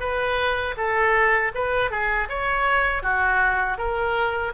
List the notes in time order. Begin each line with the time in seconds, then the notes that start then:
0.00 B4
0.77 A4
1.54 B4
1.91 G#4
2.29 C#5
3.03 F#4
3.78 A#4